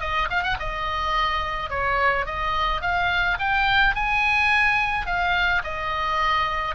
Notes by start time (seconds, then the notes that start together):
0.00 D#5
0.30 F5
0.43 F#5
0.59 D#5
1.69 C#5
2.25 D#5
2.81 F5
3.39 G5
3.95 G#5
5.06 F5
5.64 D#5